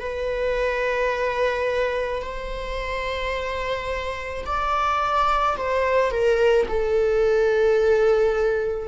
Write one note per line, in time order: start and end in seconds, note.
0.00 2.22 B4
2.22 4.44 C5
4.46 5.57 D5
5.57 6.11 C5
6.11 6.67 A#4
6.68 8.88 A4